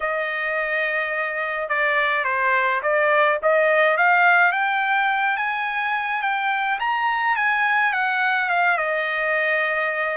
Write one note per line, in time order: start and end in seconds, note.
0.00 1.68 D#5
1.68 2.24 D5
2.24 2.81 C5
2.82 3.38 D5
3.42 3.97 D#5
3.97 4.51 F5
4.51 5.36 G5
5.36 6.21 G#5
6.22 6.78 G5
6.79 7.36 A#5
7.36 7.92 G#5
7.92 8.49 F#5
8.49 8.77 F5
8.77 10.17 D#5